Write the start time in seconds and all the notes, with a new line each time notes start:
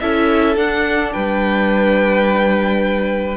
0.00 C#4 E4 A4 E5
0.56 D4 F#5
1.12 G3 B4 G5